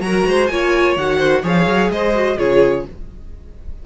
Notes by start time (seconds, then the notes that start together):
0.00 F#3 F#4 A#4 A#5
0.26 G#3 C5
0.46 A#3 F4 C#5 G#5
0.96 D#3 F#4 F#5
1.18 C5
1.43 F3 G#4 C#5 F5
1.65 F#3
1.90 G#3 C5 D#5
2.15 F#4
2.37 C#3 F4 G#4 C#5